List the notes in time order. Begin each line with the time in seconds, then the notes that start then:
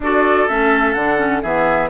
0.00 D4 F#4 A4 D5
0.48 A3 C#4 E5
0.93 D3 D4 F#5
1.17 C#4
1.42 E3 B3 G#4 E5